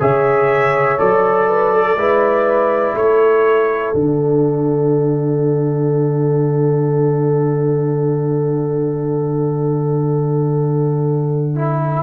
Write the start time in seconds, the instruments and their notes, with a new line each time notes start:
0.00 tuba C#3, trombone G#4, horn C#5, trumpet E5
0.99 tuba F#3, trombone A4, trumpet D5
1.49 horn B4
1.74 horn A4
1.96 tuba G#3, trombone E4, horn B4
2.95 tuba A3, horn A4, trumpet C#5
3.94 tuba D3, trombone D4, trumpet F#5
11.56 trombone E4